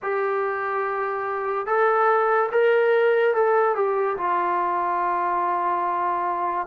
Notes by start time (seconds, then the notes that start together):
0.02 G4
1.66 A4
2.52 A#4
3.34 A4
3.75 G4
4.17 F4